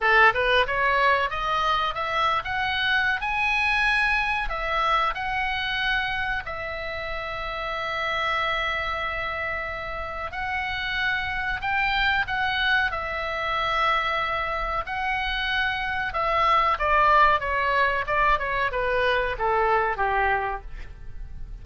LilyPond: \new Staff \with { instrumentName = "oboe" } { \time 4/4 \tempo 4 = 93 a'8 b'8 cis''4 dis''4 e''8. fis''16~ | fis''4 gis''2 e''4 | fis''2 e''2~ | e''1 |
fis''2 g''4 fis''4 | e''2. fis''4~ | fis''4 e''4 d''4 cis''4 | d''8 cis''8 b'4 a'4 g'4 | }